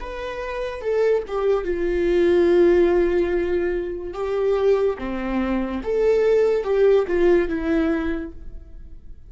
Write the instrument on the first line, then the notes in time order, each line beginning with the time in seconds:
viola
0.00 B4
0.81 A4
1.27 G4
1.64 F4
4.13 G4
4.98 C4
5.83 A4
6.64 G4
7.07 F4
7.48 E4